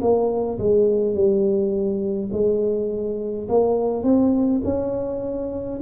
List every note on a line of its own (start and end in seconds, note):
0.00 0.58 A#3
0.58 1.14 G#3
1.14 2.30 G3
2.32 3.48 G#3
3.48 4.03 A#3
4.03 4.61 C4
4.64 5.80 C#4